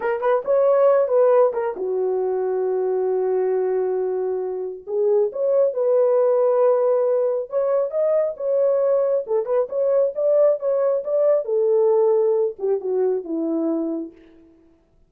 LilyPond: \new Staff \with { instrumentName = "horn" } { \time 4/4 \tempo 4 = 136 ais'8 b'8 cis''4. b'4 ais'8 | fis'1~ | fis'2. gis'4 | cis''4 b'2.~ |
b'4 cis''4 dis''4 cis''4~ | cis''4 a'8 b'8 cis''4 d''4 | cis''4 d''4 a'2~ | a'8 g'8 fis'4 e'2 | }